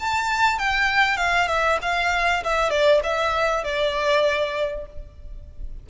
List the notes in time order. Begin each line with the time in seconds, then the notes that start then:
0.00 A5
0.59 G5
1.17 F5
1.48 E5
1.82 F5
2.44 E5
2.71 D5
3.03 E5
3.64 D5